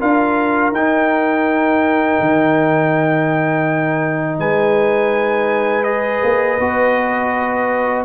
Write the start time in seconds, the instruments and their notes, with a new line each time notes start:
0.00 tuba D4, trombone F4, horn A#4, trumpet F5
0.72 tuba D#4, trombone D#4, trumpet G5
2.20 tuba D#3
4.39 tuba G#3, horn B4, trumpet G#5
5.84 trombone G#4, trumpet D#5
6.23 tuba A#3
6.59 tuba B3, trombone F#4